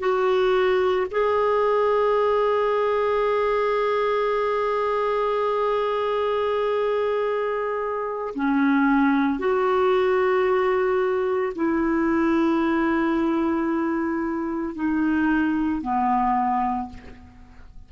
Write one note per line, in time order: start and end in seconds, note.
0.00 1.07 F#4
1.12 8.35 G#4
8.35 9.39 C#4
9.39 11.54 F#4
11.56 14.76 E4
14.76 15.82 D#4
15.82 16.89 B3